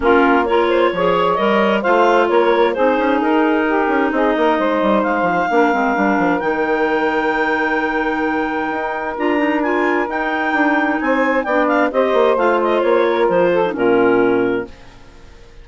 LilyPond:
<<
  \new Staff \with { instrumentName = "clarinet" } { \time 4/4 \tempo 4 = 131 ais'4 cis''2 dis''4 | f''4 cis''4 c''4 ais'4~ | ais'4 dis''2 f''4~ | f''2 g''2~ |
g''1 | ais''4 gis''4 g''2 | gis''4 g''8 f''8 dis''4 f''8 dis''8 | cis''4 c''4 ais'2 | }
  \new Staff \with { instrumentName = "saxophone" } { \time 4/4 f'4 ais'8 c''8 cis''2 | c''4 ais'4 gis'2 | g'4 gis'8 ais'8 c''2 | ais'1~ |
ais'1~ | ais'1 | c''4 d''4 c''2~ | c''8 ais'4 a'8 f'2 | }
  \new Staff \with { instrumentName = "clarinet" } { \time 4/4 cis'4 f'4 gis'4 ais'4 | f'2 dis'2~ | dis'1 | d'8 c'8 d'4 dis'2~ |
dis'1 | f'8 dis'8 f'4 dis'2~ | dis'4 d'4 g'4 f'4~ | f'4.~ f'16 dis'16 cis'2 | }
  \new Staff \with { instrumentName = "bassoon" } { \time 4/4 ais2 f4 g4 | a4 ais4 c'8 cis'8 dis'4~ | dis'8 cis'8 c'8 ais8 gis8 g8 gis8 f8 | ais8 gis8 g8 f8 dis2~ |
dis2. dis'4 | d'2 dis'4 d'4 | c'4 b4 c'8 ais8 a4 | ais4 f4 ais,2 | }
>>